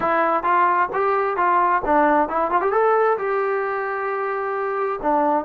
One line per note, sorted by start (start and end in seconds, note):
0.00 0.43 E4
0.43 0.88 F4
0.93 1.36 G4
1.36 1.82 F4
1.85 2.29 D4
2.29 2.50 E4
2.50 2.61 F4
2.61 2.71 G4
2.71 3.17 A4
3.18 4.99 G4
5.02 5.44 D4